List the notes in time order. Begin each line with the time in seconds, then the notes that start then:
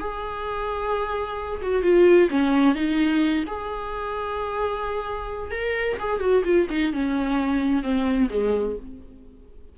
0.00 G#4
1.62 F#4
1.83 F4
2.30 C#4
2.75 D#4
3.47 G#4
5.51 A#4
6.00 G#4
6.21 F#4
6.44 F4
6.70 D#4
6.93 C#4
7.83 C4
8.30 G#3